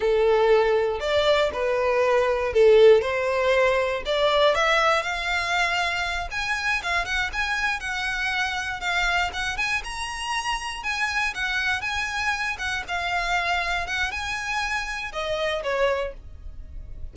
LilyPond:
\new Staff \with { instrumentName = "violin" } { \time 4/4 \tempo 4 = 119 a'2 d''4 b'4~ | b'4 a'4 c''2 | d''4 e''4 f''2~ | f''8 gis''4 f''8 fis''8 gis''4 fis''8~ |
fis''4. f''4 fis''8 gis''8 ais''8~ | ais''4. gis''4 fis''4 gis''8~ | gis''4 fis''8 f''2 fis''8 | gis''2 dis''4 cis''4 | }